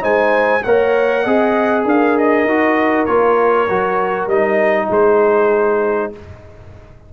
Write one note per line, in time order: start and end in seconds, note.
0.00 0.64 G#3
0.00 0.61 D#4
0.00 0.63 C5
0.00 0.63 G#5
0.63 1.26 A#3
0.63 1.26 A#4
0.63 1.23 C#5
0.63 1.85 F#5
1.23 1.85 C4
1.23 2.47 G#4
1.23 1.84 D#5
1.84 2.45 D4
1.84 4.87 A#4
1.84 2.18 F5
2.18 3.06 D#5
2.45 3.06 D#4
2.45 3.07 F#4
3.06 3.69 A#3
3.06 3.68 F4
3.06 4.27 C#5
3.70 4.27 F#3
3.70 4.30 F#4
4.27 4.88 G3
4.27 6.13 D#4
4.27 4.90 D#5
4.90 6.12 G#3
4.90 6.11 G#4
4.90 6.13 C5